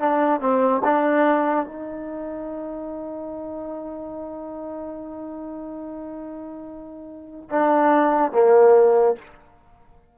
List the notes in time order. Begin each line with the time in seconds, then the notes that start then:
0.00 D4
0.41 C4
0.84 D4
1.66 D#4
7.50 D4
8.32 A#3